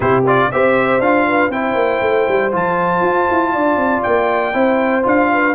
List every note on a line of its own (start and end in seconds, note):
0.00 0.50 C3
0.00 0.22 E4
0.00 0.47 G4
0.00 0.24 C5
0.26 0.51 F4
0.26 0.51 D5
0.51 0.99 C4
0.51 1.02 G4
0.51 1.27 C5
0.51 1.00 E5
0.99 1.49 D4
0.99 1.52 F4
0.99 1.51 F5
1.27 1.52 B4
1.49 1.74 C4
1.49 2.51 E4
1.49 3.53 C5
1.49 2.52 G5
1.74 1.99 A#3
2.01 2.26 A3
2.28 2.53 G3
2.51 3.01 F3
2.51 4.53 F4
2.51 4.03 A5
3.01 3.26 F4
3.31 3.55 E4
3.53 3.76 D4
3.53 4.54 D5
3.76 4.01 C4
4.03 4.54 A#3
4.03 5.03 G5
4.53 5.04 C4
4.53 5.03 E4
4.53 5.29 C5
5.03 5.55 D4
5.03 5.53 F4
5.03 5.55 F5
5.32 5.55 B4